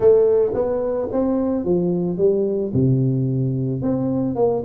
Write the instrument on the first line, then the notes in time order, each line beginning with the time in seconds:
tuba
0.00 A3
0.53 B3
1.12 C4
1.64 F3
2.17 G3
2.73 C3
3.82 C4
4.35 A#3